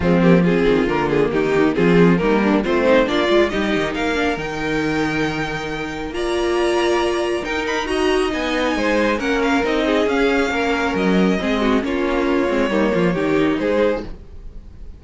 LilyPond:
<<
  \new Staff \with { instrumentName = "violin" } { \time 4/4 \tempo 4 = 137 f'8 g'8 gis'4 ais'8 gis'8 g'4 | gis'4 ais'4 c''4 d''4 | dis''4 f''4 g''2~ | g''2 ais''2~ |
ais''4 g''8 b''8 ais''4 gis''4~ | gis''4 fis''8 f''8 dis''4 f''4~ | f''4 dis''2 cis''4~ | cis''2. c''4 | }
  \new Staff \with { instrumentName = "violin" } { \time 4/4 c'4 f'2 dis'4 | f'4 dis'8 d'8 c'4 f'4 | g'4 ais'2.~ | ais'2 d''2~ |
d''4 ais'4 dis''2 | c''4 ais'4. gis'4. | ais'2 gis'8 fis'8 f'4~ | f'4 dis'8 f'8 g'4 gis'4 | }
  \new Staff \with { instrumentName = "viola" } { \time 4/4 gis8 ais8 c'4 ais2 | c'4 ais4 f'8 dis'8 d'8 f'8 | dis'4. d'8 dis'2~ | dis'2 f'2~ |
f'4 dis'4 fis'4 dis'4~ | dis'4 cis'4 dis'4 cis'4~ | cis'2 c'4 cis'4~ | cis'8 c'8 ais4 dis'2 | }
  \new Staff \with { instrumentName = "cello" } { \time 4/4 f4. dis8 d4 dis4 | f4 g4 a4 ais8 gis8 | g8 dis8 ais4 dis2~ | dis2 ais2~ |
ais4 dis'2 b4 | gis4 ais4 c'4 cis'4 | ais4 fis4 gis4 ais4~ | ais8 gis8 g8 f8 dis4 gis4 | }
>>